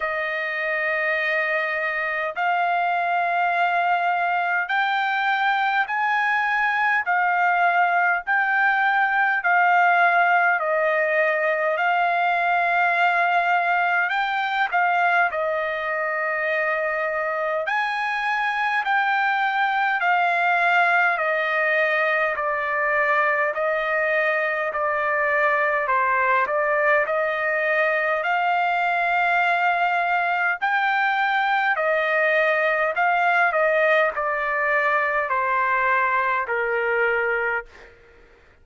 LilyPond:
\new Staff \with { instrumentName = "trumpet" } { \time 4/4 \tempo 4 = 51 dis''2 f''2 | g''4 gis''4 f''4 g''4 | f''4 dis''4 f''2 | g''8 f''8 dis''2 gis''4 |
g''4 f''4 dis''4 d''4 | dis''4 d''4 c''8 d''8 dis''4 | f''2 g''4 dis''4 | f''8 dis''8 d''4 c''4 ais'4 | }